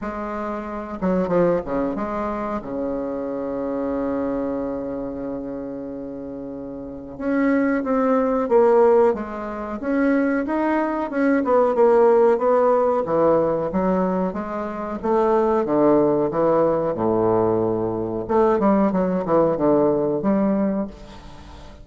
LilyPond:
\new Staff \with { instrumentName = "bassoon" } { \time 4/4 \tempo 4 = 92 gis4. fis8 f8 cis8 gis4 | cis1~ | cis2. cis'4 | c'4 ais4 gis4 cis'4 |
dis'4 cis'8 b8 ais4 b4 | e4 fis4 gis4 a4 | d4 e4 a,2 | a8 g8 fis8 e8 d4 g4 | }